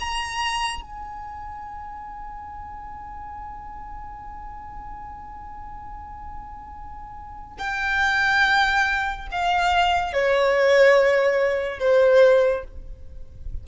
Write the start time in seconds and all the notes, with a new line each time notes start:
0.00 A#5
0.82 G#5
7.58 G5
9.31 F5
10.13 C#5
11.79 C5